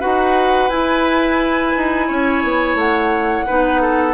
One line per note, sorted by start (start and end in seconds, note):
0.00 0.69 D#4
0.00 0.69 F#4
0.00 2.07 B4
0.00 0.69 F#5
0.69 1.73 E4
0.69 3.47 E4
0.69 2.76 G#5
1.77 2.09 D#4
2.07 2.44 C#4
2.07 3.45 C#5
2.44 2.74 B3
2.74 3.43 A3
2.74 4.14 F#5
3.46 4.14 B3
3.46 4.14 D#4
3.46 3.81 B4
3.81 4.14 A4